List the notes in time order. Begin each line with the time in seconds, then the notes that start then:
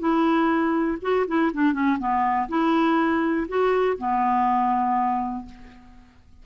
0.00 E4
1.02 F#4
1.28 E4
1.54 D4
1.73 C#4
1.99 B3
2.49 E4
3.49 F#4
3.98 B3